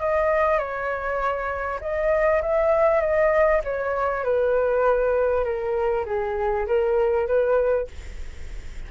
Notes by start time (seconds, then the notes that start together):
0.00 D#5
0.58 C#5
1.81 D#5
2.42 E5
3.01 D#5
3.64 C#5
4.24 B4
5.44 A#4
6.06 G#4
6.66 A#4
7.27 B4